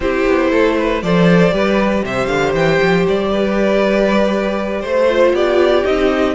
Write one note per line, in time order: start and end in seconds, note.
0.00 0.25 C4
0.00 1.02 E4
0.00 0.50 G4
0.00 1.02 C5
0.26 0.51 B3
0.50 1.02 A3
0.50 0.76 A4
0.78 1.03 B4
1.02 1.51 F3
1.02 1.51 A4
1.02 1.53 C5
1.02 2.04 D5
1.51 2.02 G3
1.51 5.07 G4
1.51 2.04 B4
2.04 2.27 C3
2.04 3.31 C5
2.04 2.26 E5
2.26 2.53 D3
2.26 2.51 F5
2.53 2.78 E3
2.53 3.06 G5
2.81 3.07 F3
3.08 4.84 G3
3.08 4.85 D5
3.31 4.81 B4
4.81 5.33 A3
4.81 5.32 C5
4.81 5.35 C5
5.09 5.84 F4
5.33 5.83 B3
5.33 6.35 G4
5.33 5.85 D5
5.84 6.35 C4
5.84 6.35 D#4
5.84 6.35 D#5